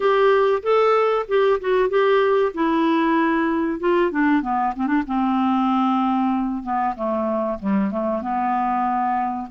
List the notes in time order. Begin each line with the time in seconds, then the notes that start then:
0.00 G4
0.63 A4
1.27 G4
1.60 F#4
1.89 G4
2.53 E4
3.79 F4
4.11 D4
4.42 B3
4.76 C4
4.86 D4
5.06 C4
6.63 B3
6.95 A3
7.59 G3
7.90 A3
8.21 B3